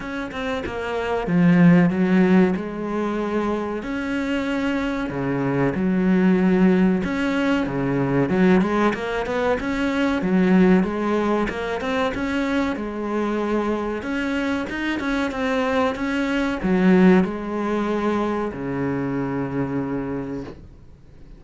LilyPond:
\new Staff \with { instrumentName = "cello" } { \time 4/4 \tempo 4 = 94 cis'8 c'8 ais4 f4 fis4 | gis2 cis'2 | cis4 fis2 cis'4 | cis4 fis8 gis8 ais8 b8 cis'4 |
fis4 gis4 ais8 c'8 cis'4 | gis2 cis'4 dis'8 cis'8 | c'4 cis'4 fis4 gis4~ | gis4 cis2. | }